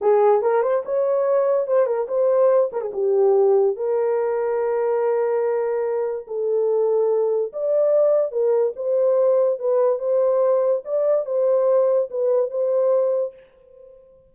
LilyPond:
\new Staff \with { instrumentName = "horn" } { \time 4/4 \tempo 4 = 144 gis'4 ais'8 c''8 cis''2 | c''8 ais'8 c''4. ais'16 gis'16 g'4~ | g'4 ais'2.~ | ais'2. a'4~ |
a'2 d''2 | ais'4 c''2 b'4 | c''2 d''4 c''4~ | c''4 b'4 c''2 | }